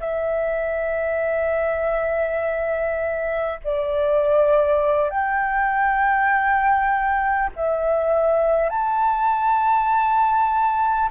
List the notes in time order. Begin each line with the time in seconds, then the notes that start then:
0.00 E5
3.64 D5
5.09 G5
7.56 E5
8.69 A5